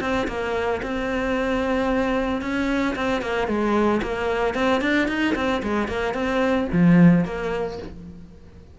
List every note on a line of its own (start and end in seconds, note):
0.00 0.27 C4
0.27 0.81 A#3
0.82 2.41 C4
2.41 2.95 C#4
2.95 3.21 C4
3.21 3.47 A#3
3.47 4.01 G#3
4.02 4.54 A#3
4.54 4.81 C4
4.81 5.08 D4
5.08 5.34 D#4
5.35 5.62 C4
5.62 5.88 G#3
5.88 6.14 A#3
6.14 6.67 C4
6.72 7.24 F3
7.24 7.78 A#3